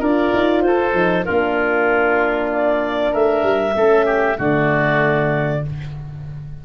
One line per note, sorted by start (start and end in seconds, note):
0.00 0.32 D4
0.00 0.93 F4
0.00 0.62 A#4
0.00 0.62 D5
0.33 0.64 D#4
0.62 0.94 F4
0.62 1.25 A4
0.62 1.25 C5
0.93 1.25 F3
0.93 1.25 D#4
1.25 3.15 A#3
1.25 3.77 D4
1.25 3.12 F4
1.25 2.50 A#4
2.53 3.14 D5
3.12 3.43 A3
3.12 3.75 A#4
3.12 4.39 E5
3.43 3.75 G3
3.76 4.38 A3
3.76 4.36 C#4
3.76 4.06 A4
4.06 4.37 G4
4.36 5.64 D3
4.36 5.61 A3
4.36 5.63 F#4
4.36 5.66 D5